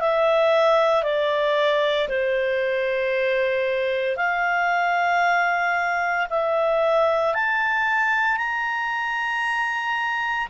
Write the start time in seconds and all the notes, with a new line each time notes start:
0.00 E5
1.03 D5
2.08 C5
4.16 F5
6.30 E5
7.34 A5
8.37 A#5